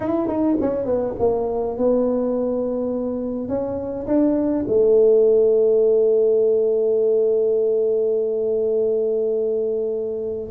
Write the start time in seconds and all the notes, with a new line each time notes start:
0.00 E4
0.27 D#4
0.60 C#4
0.85 B3
1.19 A#3
1.77 B3
3.48 C#4
4.06 D4
4.67 A3